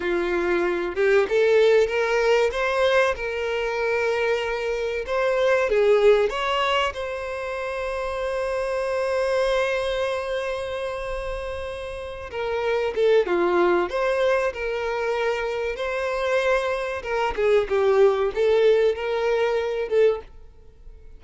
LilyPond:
\new Staff \with { instrumentName = "violin" } { \time 4/4 \tempo 4 = 95 f'4. g'8 a'4 ais'4 | c''4 ais'2. | c''4 gis'4 cis''4 c''4~ | c''1~ |
c''2.~ c''8 ais'8~ | ais'8 a'8 f'4 c''4 ais'4~ | ais'4 c''2 ais'8 gis'8 | g'4 a'4 ais'4. a'8 | }